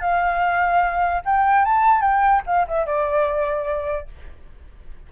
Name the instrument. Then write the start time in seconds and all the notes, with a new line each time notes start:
flute
0.00 F5
1.25 G5
1.65 A5
2.01 G5
2.46 F5
2.67 E5
2.86 D5